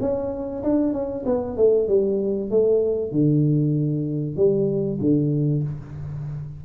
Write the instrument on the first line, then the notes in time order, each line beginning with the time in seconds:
tuba
0.00 C#4
0.63 D4
0.93 C#4
1.26 B3
1.57 A3
1.88 G3
2.50 A3
3.11 D3
4.36 G3
5.01 D3